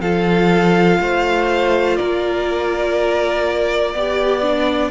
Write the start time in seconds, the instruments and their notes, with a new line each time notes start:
0.00 cello F3, viola F4, violin A4 F5
1.00 cello A3, violin C5
1.97 cello A#3, violin A#4 D5
3.94 cello B3, viola G4, violin D5
4.43 viola D4